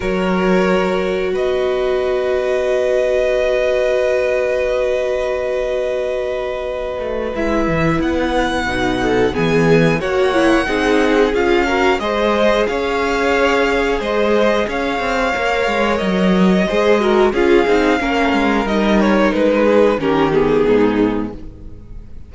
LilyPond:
<<
  \new Staff \with { instrumentName = "violin" } { \time 4/4 \tempo 4 = 90 cis''2 dis''2~ | dis''1~ | dis''2. e''4 | fis''2 gis''4 fis''4~ |
fis''4 f''4 dis''4 f''4~ | f''4 dis''4 f''2 | dis''2 f''2 | dis''8 cis''8 b'4 ais'8 gis'4. | }
  \new Staff \with { instrumentName = "violin" } { \time 4/4 ais'2 b'2~ | b'1~ | b'1~ | b'4. a'8 gis'4 cis''4 |
gis'4. ais'8 c''4 cis''4~ | cis''4 c''4 cis''2~ | cis''4 c''8 ais'8 gis'4 ais'4~ | ais'4. gis'8 g'4 dis'4 | }
  \new Staff \with { instrumentName = "viola" } { \time 4/4 fis'1~ | fis'1~ | fis'2. e'4~ | e'4 dis'4 b4 fis'8 e'8 |
dis'4 f'8 fis'8 gis'2~ | gis'2. ais'4~ | ais'4 gis'8 fis'8 f'8 dis'8 cis'4 | dis'2 cis'8 b4. | }
  \new Staff \with { instrumentName = "cello" } { \time 4/4 fis2 b2~ | b1~ | b2~ b8 a8 gis8 e8 | b4 b,4 e4 ais4 |
c'4 cis'4 gis4 cis'4~ | cis'4 gis4 cis'8 c'8 ais8 gis8 | fis4 gis4 cis'8 c'8 ais8 gis8 | g4 gis4 dis4 gis,4 | }
>>